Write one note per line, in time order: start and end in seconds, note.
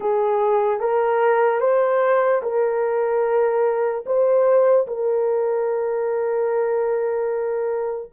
0.00 0.80 G#4
0.80 1.60 A#4
1.60 2.41 C5
2.42 4.04 A#4
4.05 4.86 C5
4.87 8.11 A#4